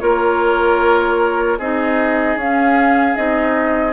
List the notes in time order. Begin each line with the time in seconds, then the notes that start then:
0.00 A#3 F4 A#4 C#5
1.59 C4 D#4 G#4 D#5
2.36 C#4 F5
3.16 C4 D#4 D#5